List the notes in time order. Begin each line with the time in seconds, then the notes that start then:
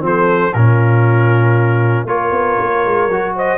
0.00 F3 C4 A4 C5
0.53 A#2 C#4 F4 A#4
2.05 A#3 F4 A#4 C#5
2.31 B3
2.60 A#3
2.85 G#3
3.08 F#3 F#4
3.36 C5 D#5